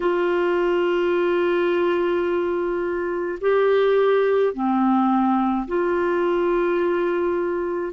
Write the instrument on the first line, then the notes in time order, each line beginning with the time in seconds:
clarinet
0.00 F4
3.41 G4
4.53 C4
5.67 F4